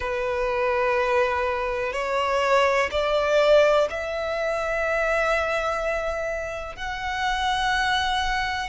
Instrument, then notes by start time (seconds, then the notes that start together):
violin
0.00 B4
1.93 C#5
2.91 D5
3.89 E5
6.76 F#5